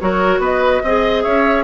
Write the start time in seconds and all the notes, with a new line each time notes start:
0.00 F#3 F#4 A#4 C#5
0.39 B3 B4 D#5
0.83 C4 G#4 D#5
1.23 C#4 C#5 E5